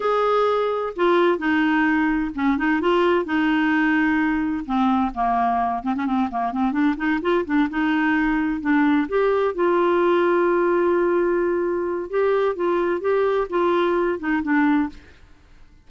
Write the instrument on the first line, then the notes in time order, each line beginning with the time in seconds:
clarinet
0.00 G#4
0.95 F4
1.38 D#4
2.34 C#4
2.57 D#4
2.80 F4
3.25 D#4
4.65 C4
5.14 A#3
5.83 C4
5.95 C#4
6.06 C4
6.30 A#3
6.52 C4
6.71 D4
6.96 D#4
7.21 F4
7.45 D4
7.69 D#4
8.60 D4
9.08 G4
9.55 F4
12.10 G4
12.55 F4
13.01 G4
13.49 F4
14.19 D#4
14.42 D4